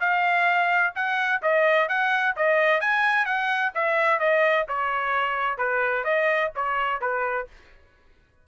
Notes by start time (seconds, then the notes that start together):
0.00 F5
0.95 F#5
1.42 D#5
1.88 F#5
2.36 D#5
2.80 G#5
3.25 F#5
3.74 E5
4.19 D#5
4.68 C#5
5.57 B4
6.04 D#5
6.55 C#5
7.00 B4